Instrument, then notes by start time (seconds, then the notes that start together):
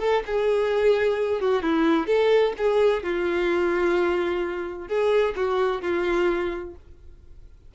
violin
0.00 A4
0.26 G#4
1.41 F#4
1.63 E4
2.07 A4
2.58 G#4
3.03 F4
4.88 G#4
5.36 F#4
5.82 F4